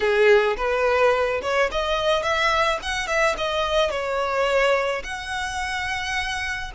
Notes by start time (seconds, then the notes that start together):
0.00 G#4
0.57 B4
1.42 C#5
1.71 D#5
2.22 E5
2.82 F#5
3.07 E5
3.37 D#5
3.90 C#5
5.03 F#5